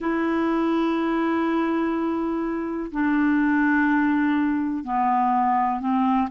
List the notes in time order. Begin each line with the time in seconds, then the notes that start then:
0.00 E4
2.91 D4
4.83 B3
5.80 C4